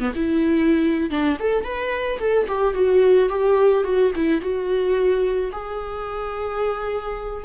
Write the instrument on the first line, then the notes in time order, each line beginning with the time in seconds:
viola
0.00 B3
0.16 E4
1.11 D4
1.40 A4
1.64 B4
2.20 A4
2.48 G4
2.74 F#4
3.30 G4
3.85 F#4
4.16 E4
4.42 F#4
5.53 G#4